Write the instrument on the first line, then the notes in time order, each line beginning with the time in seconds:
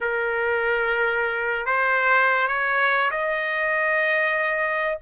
trumpet
0.00 A#4
1.66 C5
2.47 C#5
3.10 D#5